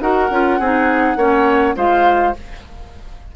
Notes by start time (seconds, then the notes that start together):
0.00 D#4 F#4 A#4 F#5
0.30 C#4 F4
0.59 C4 D#4 G#4
1.16 A#3 C#4 C#5
1.75 G#3 F4 C5 F5